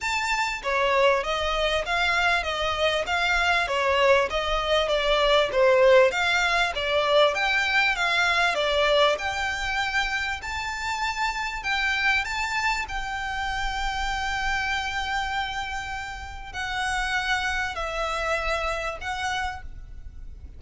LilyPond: \new Staff \with { instrumentName = "violin" } { \time 4/4 \tempo 4 = 98 a''4 cis''4 dis''4 f''4 | dis''4 f''4 cis''4 dis''4 | d''4 c''4 f''4 d''4 | g''4 f''4 d''4 g''4~ |
g''4 a''2 g''4 | a''4 g''2.~ | g''2. fis''4~ | fis''4 e''2 fis''4 | }